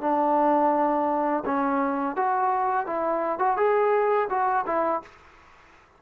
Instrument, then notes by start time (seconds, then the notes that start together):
trombone
0.00 D4
1.44 C#4
2.16 F#4
2.86 E4
3.39 F#4
3.56 G#4
4.29 F#4
4.66 E4